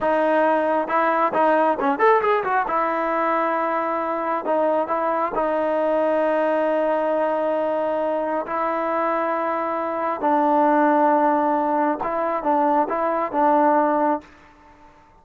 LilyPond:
\new Staff \with { instrumentName = "trombone" } { \time 4/4 \tempo 4 = 135 dis'2 e'4 dis'4 | cis'8 a'8 gis'8 fis'8 e'2~ | e'2 dis'4 e'4 | dis'1~ |
dis'2. e'4~ | e'2. d'4~ | d'2. e'4 | d'4 e'4 d'2 | }